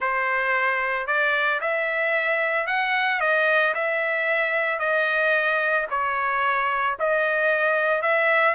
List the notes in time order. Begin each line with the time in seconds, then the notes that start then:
0.00 C5
1.06 D5
1.60 E5
2.66 F#5
3.20 D#5
3.74 E5
4.79 D#5
5.90 C#5
6.99 D#5
8.02 E5